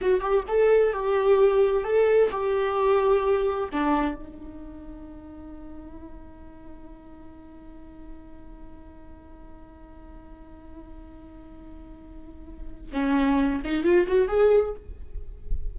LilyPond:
\new Staff \with { instrumentName = "viola" } { \time 4/4 \tempo 4 = 130 fis'8 g'8 a'4 g'2 | a'4 g'2. | d'4 dis'2.~ | dis'1~ |
dis'1~ | dis'1~ | dis'1 | cis'4. dis'8 f'8 fis'8 gis'4 | }